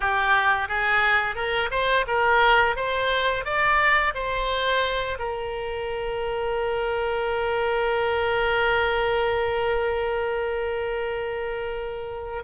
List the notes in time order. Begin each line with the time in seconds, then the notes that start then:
0.00 G4
0.68 G#4
1.34 A#4
1.71 C5
2.07 A#4
2.76 C5
3.45 D5
4.14 C5
5.18 A#4